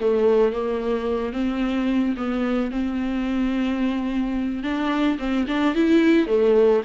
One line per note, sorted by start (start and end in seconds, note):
0.00 0.52 A3
0.52 1.33 A#3
1.33 2.15 C4
2.16 2.71 B3
2.71 4.63 C4
4.63 5.18 D4
5.19 5.46 C4
5.47 5.74 D4
5.74 6.27 E4
6.27 6.82 A3